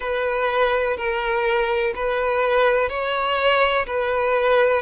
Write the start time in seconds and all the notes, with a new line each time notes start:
0.00 B4
0.96 A#4
1.95 B4
2.89 C#5
3.86 B4